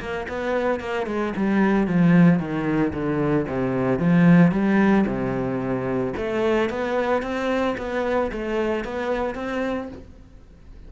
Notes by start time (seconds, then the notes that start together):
0.00 A#3
0.28 B3
0.80 A#3
1.06 G#3
1.36 G3
1.87 F3
2.39 D#3
2.93 D3
3.48 C3
3.99 F3
4.52 G3
5.06 C3
6.17 A3
6.69 B3
7.22 C4
7.78 B3
8.32 A3
8.84 B3
9.35 C4